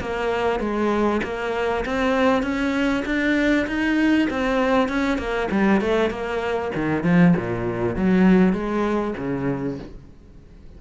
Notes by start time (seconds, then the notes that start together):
0.00 A#3
0.60 G#3
1.23 A#3
1.85 C4
2.42 C#4
3.05 D4
3.67 D#4
4.30 C4
4.88 C#4
5.18 A#3
5.51 G3
5.81 A3
6.10 A#3
6.75 D#3
7.03 F3
7.36 A#2
7.95 F#3
8.53 G#3
9.17 C#3